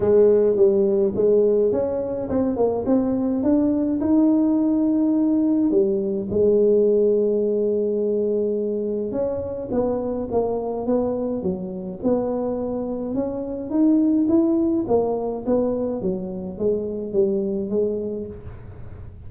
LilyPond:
\new Staff \with { instrumentName = "tuba" } { \time 4/4 \tempo 4 = 105 gis4 g4 gis4 cis'4 | c'8 ais8 c'4 d'4 dis'4~ | dis'2 g4 gis4~ | gis1 |
cis'4 b4 ais4 b4 | fis4 b2 cis'4 | dis'4 e'4 ais4 b4 | fis4 gis4 g4 gis4 | }